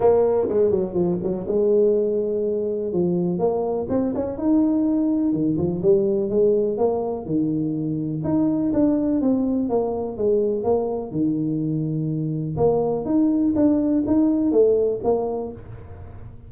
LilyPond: \new Staff \with { instrumentName = "tuba" } { \time 4/4 \tempo 4 = 124 ais4 gis8 fis8 f8 fis8 gis4~ | gis2 f4 ais4 | c'8 cis'8 dis'2 dis8 f8 | g4 gis4 ais4 dis4~ |
dis4 dis'4 d'4 c'4 | ais4 gis4 ais4 dis4~ | dis2 ais4 dis'4 | d'4 dis'4 a4 ais4 | }